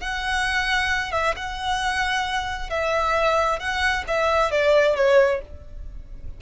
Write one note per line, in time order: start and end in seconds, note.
0.00 1.12 F#5
1.12 1.34 E5
1.36 2.69 F#5
2.69 3.59 E5
3.59 4.04 F#5
4.07 4.51 E5
4.51 4.96 D5
4.96 5.41 C#5